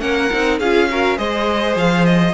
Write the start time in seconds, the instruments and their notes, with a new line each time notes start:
0.00 cello A#3, viola C#4, violin A#4 F#5
0.33 cello C4, viola D#4
0.60 cello C#4, viola F4, violin G#4 F5
0.91 viola F#4, violin A#4
1.17 cello G#3, viola G#4, violin C5 D#5
1.76 cello F3, violin F5
2.06 violin D#5